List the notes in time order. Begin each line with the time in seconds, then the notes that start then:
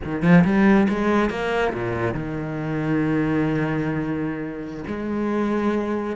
0.04 D#3
0.22 F3
0.44 G3
0.88 G#3
1.29 A#3
1.73 A#2
2.14 D#3
4.87 G#3